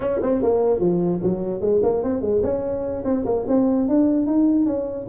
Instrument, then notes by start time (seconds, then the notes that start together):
tuba
0.00 C#4
0.22 C4
0.42 A#3
0.79 F3
1.22 F#3
1.61 G#3
1.82 A#3
2.03 C4
2.21 G#3
2.42 C#4
3.04 C4
3.25 A#3
3.47 C4
3.88 D4
4.26 D#4
4.66 C#4